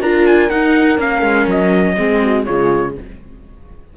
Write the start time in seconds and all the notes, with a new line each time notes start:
0.00 D4 F4 A#4 A#5
0.26 G#5
0.49 D#4 F#5
0.97 A#3 C#4 F5
1.22 G#3
1.47 F#3 D#5
1.96 G#3 C4 G#4
2.22 F#4
2.45 C#3 G#3 F4 C#5